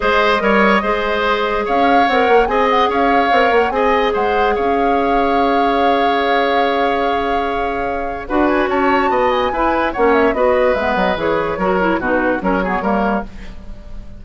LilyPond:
<<
  \new Staff \with { instrumentName = "flute" } { \time 4/4 \tempo 4 = 145 dis''1 | f''4 fis''4 gis''8 fis''8 f''4~ | f''8 fis''8 gis''4 fis''4 f''4~ | f''1~ |
f''1 | fis''8 gis''8 a''4. gis''4. | fis''8 e''8 dis''4 e''8 dis''8 cis''4~ | cis''4 b'4 cis''2 | }
  \new Staff \with { instrumentName = "oboe" } { \time 4/4 c''4 cis''4 c''2 | cis''2 dis''4 cis''4~ | cis''4 dis''4 c''4 cis''4~ | cis''1~ |
cis''1 | b'4 cis''4 dis''4 b'4 | cis''4 b'2. | ais'4 fis'4 ais'8 gis'8 ais'4 | }
  \new Staff \with { instrumentName = "clarinet" } { \time 4/4 gis'4 ais'4 gis'2~ | gis'4 ais'4 gis'2 | ais'4 gis'2.~ | gis'1~ |
gis'1 | fis'2. e'4 | cis'4 fis'4 b4 gis'4 | fis'8 e'8 dis'4 cis'8 b8 ais4 | }
  \new Staff \with { instrumentName = "bassoon" } { \time 4/4 gis4 g4 gis2 | cis'4 c'8 ais8 c'4 cis'4 | c'8 ais8 c'4 gis4 cis'4~ | cis'1~ |
cis'1 | d'4 cis'4 b4 e'4 | ais4 b4 gis8 fis8 e4 | fis4 b,4 fis4 g4 | }
>>